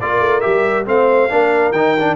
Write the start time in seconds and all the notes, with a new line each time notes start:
0.00 A#3 F4 A#4 D5
0.19 A3
0.40 G3 G4 E5
0.85 A3 C4 C5 F5
1.30 A#3 D4 A#4
1.72 D#3 D#4 G5
2.00 D4